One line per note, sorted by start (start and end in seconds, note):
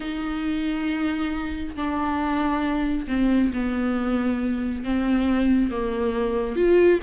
0.00 1.75 D#4
1.75 3.07 D4
3.07 3.51 C4
3.53 4.84 B3
4.84 5.71 C4
5.71 6.56 A#3
6.56 6.99 F4